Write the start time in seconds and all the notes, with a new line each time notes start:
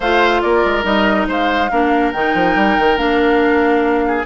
0.00 A3 F4 C5 F5
0.41 A#3 A#4 D5
0.64 G#3
0.83 G3 D#4 D#5
1.28 G#3 C5 F5
1.71 A#3 D4 A#4
2.12 D#3 D#4 G5
2.34 F3
2.55 G3
2.78 D#3
2.97 A#3 D4 F5
4.07 G#4